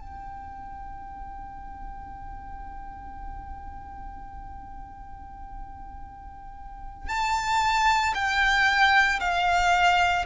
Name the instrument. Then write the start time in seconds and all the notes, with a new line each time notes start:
violin
0.00 G5
7.08 A5
8.14 G5
9.20 F5